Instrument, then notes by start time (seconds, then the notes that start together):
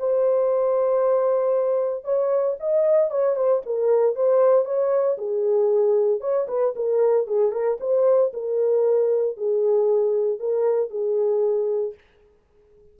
horn
0.00 C5
2.05 C#5
2.60 D#5
3.11 C#5
3.36 C5
3.66 A#4
4.16 C5
4.66 C#5
5.18 G#4
6.21 C#5
6.48 B4
6.76 A#4
7.27 G#4
7.52 A#4
7.80 C5
8.34 A#4
9.37 G#4
10.40 A#4
10.90 G#4